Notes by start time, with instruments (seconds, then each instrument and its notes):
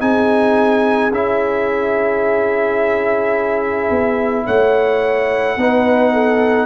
0.00 tuba C4, trombone D#4, horn G#4, trumpet G#5
1.11 tuba C#4, trombone E4, trumpet E5
3.90 tuba B3
4.46 tuba A3, horn C#5, trumpet F#5
5.56 tuba B3, trombone D#4, horn B4
6.13 horn A4